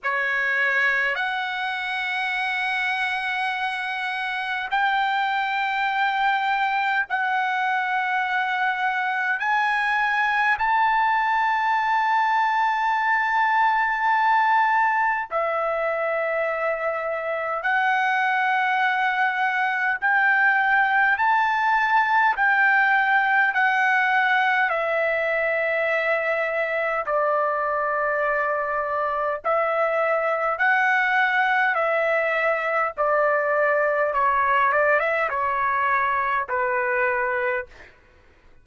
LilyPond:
\new Staff \with { instrumentName = "trumpet" } { \time 4/4 \tempo 4 = 51 cis''4 fis''2. | g''2 fis''2 | gis''4 a''2.~ | a''4 e''2 fis''4~ |
fis''4 g''4 a''4 g''4 | fis''4 e''2 d''4~ | d''4 e''4 fis''4 e''4 | d''4 cis''8 d''16 e''16 cis''4 b'4 | }